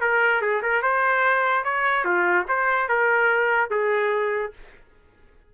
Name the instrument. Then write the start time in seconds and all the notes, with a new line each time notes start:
trumpet
0.00 A#4
0.41 G#4
0.62 A#4
0.82 C5
1.64 C#5
2.04 F4
2.48 C5
2.88 A#4
3.70 G#4